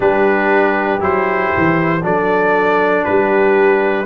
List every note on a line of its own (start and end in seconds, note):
0.00 1.00 G3
0.00 0.99 D4
0.00 2.03 G4
0.00 1.02 B4
0.99 1.51 F#3
0.99 2.01 E4
0.99 2.04 C5
1.57 2.03 E3
2.03 3.05 F#3
2.03 4.06 D4
2.03 3.05 A4
2.03 3.04 D5
3.04 4.06 G3
3.04 4.06 G4
3.04 4.06 B4